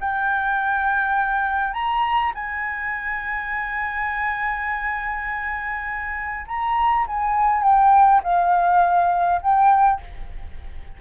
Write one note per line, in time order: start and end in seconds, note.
0.00 1.74 G5
1.74 2.32 A#5
2.34 6.46 G#5
6.47 7.06 A#5
7.07 7.63 G#5
7.63 8.22 G5
8.23 9.41 F5
9.42 10.01 G5